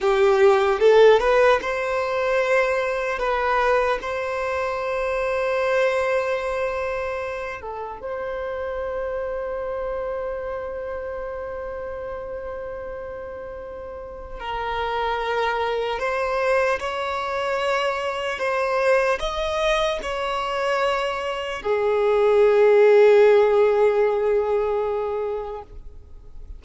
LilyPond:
\new Staff \with { instrumentName = "violin" } { \time 4/4 \tempo 4 = 75 g'4 a'8 b'8 c''2 | b'4 c''2.~ | c''4. a'8 c''2~ | c''1~ |
c''2 ais'2 | c''4 cis''2 c''4 | dis''4 cis''2 gis'4~ | gis'1 | }